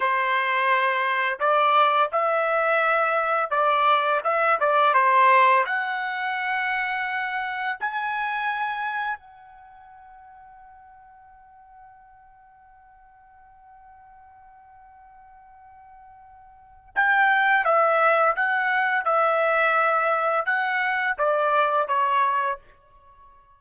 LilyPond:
\new Staff \with { instrumentName = "trumpet" } { \time 4/4 \tempo 4 = 85 c''2 d''4 e''4~ | e''4 d''4 e''8 d''8 c''4 | fis''2. gis''4~ | gis''4 fis''2.~ |
fis''1~ | fis''1 | g''4 e''4 fis''4 e''4~ | e''4 fis''4 d''4 cis''4 | }